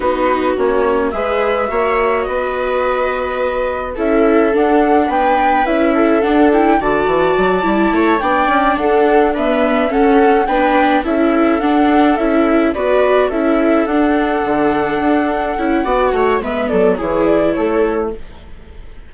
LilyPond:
<<
  \new Staff \with { instrumentName = "flute" } { \time 4/4 \tempo 4 = 106 b'4 cis''4 e''2 | dis''2. e''4 | fis''4 g''4 e''4 fis''8 g''8 | a''2~ a''8 g''4 fis''8~ |
fis''8 e''4 fis''4 g''4 e''8~ | e''8 fis''4 e''4 d''4 e''8~ | e''8 fis''2.~ fis''8~ | fis''4 e''8 d''8 cis''8 d''8 cis''4 | }
  \new Staff \with { instrumentName = "viola" } { \time 4/4 fis'2 b'4 cis''4 | b'2. a'4~ | a'4 b'4. a'4. | d''2 cis''8 d''4 a'8~ |
a'8 b'4 a'4 b'4 a'8~ | a'2~ a'8 b'4 a'8~ | a'1 | d''8 cis''8 b'8 a'8 gis'4 a'4 | }
  \new Staff \with { instrumentName = "viola" } { \time 4/4 dis'4 cis'4 gis'4 fis'4~ | fis'2. e'4 | d'2 e'4 d'8 e'8 | fis'4. e'4 d'4.~ |
d'8 b4 cis'4 d'4 e'8~ | e'8 d'4 e'4 fis'4 e'8~ | e'8 d'2. e'8 | fis'4 b4 e'2 | }
  \new Staff \with { instrumentName = "bassoon" } { \time 4/4 b4 ais4 gis4 ais4 | b2. cis'4 | d'4 b4 cis'4 d'4 | d8 e8 fis8 g8 a8 b8 cis'8 d'8~ |
d'4. cis'4 b4 cis'8~ | cis'8 d'4 cis'4 b4 cis'8~ | cis'8 d'4 d4 d'4 cis'8 | b8 a8 gis8 fis8 e4 a4 | }
>>